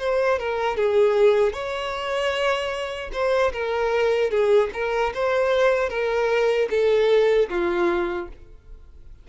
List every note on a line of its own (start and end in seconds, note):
0.00 0.39 C5
0.39 0.77 A#4
0.77 1.53 G#4
1.53 3.11 C#5
3.13 3.53 C5
3.53 4.31 A#4
4.31 4.70 G#4
4.74 5.14 A#4
5.15 5.90 C5
5.90 6.69 A#4
6.71 7.50 A4
7.50 8.29 F4